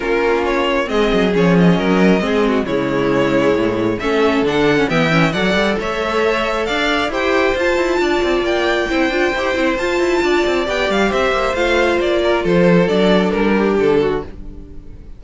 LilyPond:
<<
  \new Staff \with { instrumentName = "violin" } { \time 4/4 \tempo 4 = 135 ais'4 cis''4 dis''4 cis''8 dis''8~ | dis''2 cis''2~ | cis''4 e''4 fis''4 g''4 | fis''4 e''2 f''4 |
g''4 a''2 g''4~ | g''2 a''2 | g''8 f''8 e''4 f''4 d''4 | c''4 d''4 ais'4 a'4 | }
  \new Staff \with { instrumentName = "violin" } { \time 4/4 f'2 gis'2 | ais'4 gis'8 fis'8 e'2~ | e'4 a'2 e''4 | d''4 cis''2 d''4 |
c''2 d''2 | c''2. d''4~ | d''4 c''2~ c''8 ais'8 | a'2~ a'8 g'4 fis'8 | }
  \new Staff \with { instrumentName = "viola" } { \time 4/4 cis'2 c'4 cis'4~ | cis'4 c'4 gis2~ | gis4 cis'4 d'8. cis'16 b8 cis'8 | a'1 |
g'4 f'2. | e'8 f'8 g'8 e'8 f'2 | g'2 f'2~ | f'4 d'2. | }
  \new Staff \with { instrumentName = "cello" } { \time 4/4 ais2 gis8 fis8 f4 | fis4 gis4 cis2 | a,4 a4 d4 e4 | fis8 g8 a2 d'4 |
e'4 f'8 e'8 d'8 c'8 ais4 | c'8 d'8 e'8 c'8 f'8 e'8 d'8 c'8 | b8 g8 c'8 ais8 a4 ais4 | f4 fis4 g4 d4 | }
>>